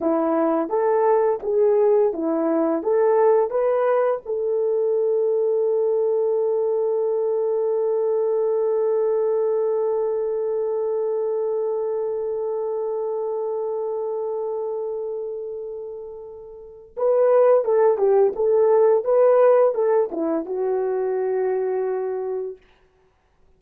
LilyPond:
\new Staff \with { instrumentName = "horn" } { \time 4/4 \tempo 4 = 85 e'4 a'4 gis'4 e'4 | a'4 b'4 a'2~ | a'1~ | a'1~ |
a'1~ | a'1 | b'4 a'8 g'8 a'4 b'4 | a'8 e'8 fis'2. | }